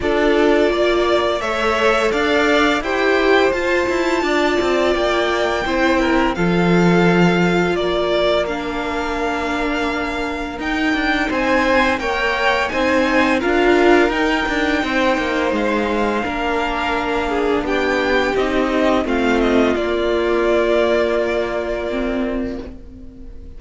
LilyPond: <<
  \new Staff \with { instrumentName = "violin" } { \time 4/4 \tempo 4 = 85 d''2 e''4 f''4 | g''4 a''2 g''4~ | g''4 f''2 d''4 | f''2. g''4 |
gis''4 g''4 gis''4 f''4 | g''2 f''2~ | f''4 g''4 dis''4 f''8 dis''8 | d''1 | }
  \new Staff \with { instrumentName = "violin" } { \time 4/4 a'4 d''4 cis''4 d''4 | c''2 d''2 | c''8 ais'8 a'2 ais'4~ | ais'1 |
c''4 cis''4 c''4 ais'4~ | ais'4 c''2 ais'4~ | ais'8 gis'8 g'2 f'4~ | f'1 | }
  \new Staff \with { instrumentName = "viola" } { \time 4/4 f'2 a'2 | g'4 f'2. | e'4 f'2. | d'2. dis'4~ |
dis'4 ais'4 dis'4 f'4 | dis'2. d'4~ | d'2 dis'4 c'4 | ais2. c'4 | }
  \new Staff \with { instrumentName = "cello" } { \time 4/4 d'4 ais4 a4 d'4 | e'4 f'8 e'8 d'8 c'8 ais4 | c'4 f2 ais4~ | ais2. dis'8 d'8 |
c'4 ais4 c'4 d'4 | dis'8 d'8 c'8 ais8 gis4 ais4~ | ais4 b4 c'4 a4 | ais1 | }
>>